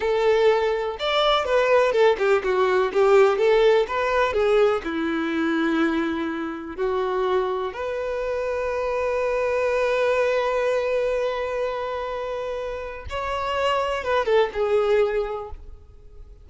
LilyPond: \new Staff \with { instrumentName = "violin" } { \time 4/4 \tempo 4 = 124 a'2 d''4 b'4 | a'8 g'8 fis'4 g'4 a'4 | b'4 gis'4 e'2~ | e'2 fis'2 |
b'1~ | b'1~ | b'2. cis''4~ | cis''4 b'8 a'8 gis'2 | }